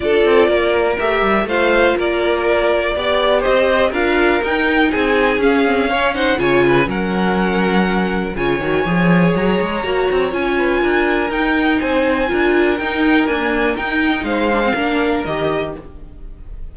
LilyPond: <<
  \new Staff \with { instrumentName = "violin" } { \time 4/4 \tempo 4 = 122 d''2 e''4 f''4 | d''2. dis''4 | f''4 g''4 gis''4 f''4~ | f''8 fis''8 gis''4 fis''2~ |
fis''4 gis''2 ais''4~ | ais''4 gis''2 g''4 | gis''2 g''4 gis''4 | g''4 f''2 dis''4 | }
  \new Staff \with { instrumentName = "violin" } { \time 4/4 a'4 ais'2 c''4 | ais'2 d''4 c''4 | ais'2 gis'2 | cis''8 c''8 cis''8 b'8 ais'2~ |
ais'4 cis''2.~ | cis''4. b'8 ais'2 | c''4 ais'2.~ | ais'4 c''4 ais'2 | }
  \new Staff \with { instrumentName = "viola" } { \time 4/4 f'2 g'4 f'4~ | f'2 g'2 | f'4 dis'2 cis'8 c'8 | cis'8 dis'8 f'4 cis'2~ |
cis'4 f'8 fis'8 gis'2 | fis'4 f'2 dis'4~ | dis'4 f'4 dis'4 ais4 | dis'4. d'16 c'16 d'4 g'4 | }
  \new Staff \with { instrumentName = "cello" } { \time 4/4 d'8 c'8 ais4 a8 g8 a4 | ais2 b4 c'4 | d'4 dis'4 c'4 cis'4~ | cis'4 cis4 fis2~ |
fis4 cis8 dis8 f4 fis8 gis8 | ais8 c'8 cis'4 d'4 dis'4 | c'4 d'4 dis'4 d'4 | dis'4 gis4 ais4 dis4 | }
>>